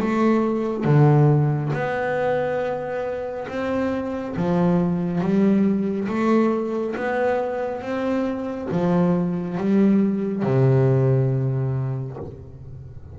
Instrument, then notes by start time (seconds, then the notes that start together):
double bass
0.00 A3
0.85 D3
1.74 B3
3.49 C4
4.37 F3
5.21 G3
6.09 A3
6.96 B3
7.82 C4
8.72 F3
9.58 G3
10.43 C3